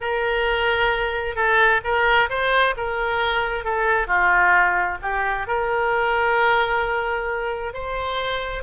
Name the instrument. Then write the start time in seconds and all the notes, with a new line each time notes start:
oboe
0.00 A#4
1.35 A4
1.83 A#4
2.29 C5
2.76 A#4
3.64 A4
4.07 F4
5.01 G4
5.47 A#4
7.73 C5